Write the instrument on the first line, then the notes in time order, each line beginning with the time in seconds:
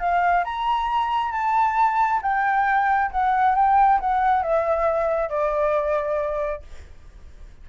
flute
0.00 F5
0.45 A#5
1.32 A5
2.22 G5
3.12 F#5
3.56 G5
4.00 F#5
4.43 E5
5.30 D5